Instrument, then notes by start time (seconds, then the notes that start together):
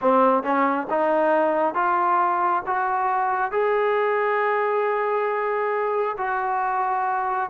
trombone
0.01 C4
0.43 C#4
0.89 D#4
1.74 F4
2.66 F#4
3.51 G#4
6.17 F#4